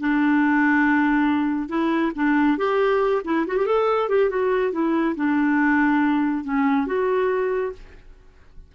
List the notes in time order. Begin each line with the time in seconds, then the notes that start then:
0.00 D4
1.69 E4
2.15 D4
2.58 G4
3.24 E4
3.47 F#4
3.57 G4
3.66 A4
4.09 G4
4.30 F#4
4.72 E4
5.15 D4
6.44 C#4
6.86 F#4